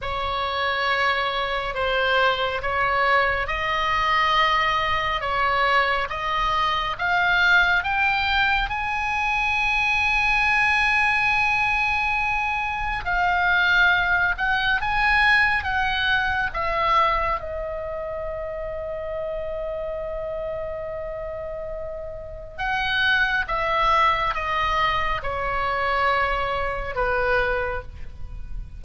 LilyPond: \new Staff \with { instrumentName = "oboe" } { \time 4/4 \tempo 4 = 69 cis''2 c''4 cis''4 | dis''2 cis''4 dis''4 | f''4 g''4 gis''2~ | gis''2. f''4~ |
f''8 fis''8 gis''4 fis''4 e''4 | dis''1~ | dis''2 fis''4 e''4 | dis''4 cis''2 b'4 | }